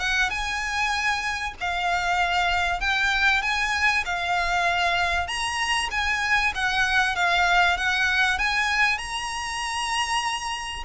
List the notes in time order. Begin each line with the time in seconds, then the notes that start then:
0.00 F#5
0.31 G#5
1.61 F5
2.81 G5
3.43 G#5
4.06 F5
5.28 A#5
5.91 G#5
6.55 F#5
7.16 F5
7.78 F#5
8.39 G#5
8.99 A#5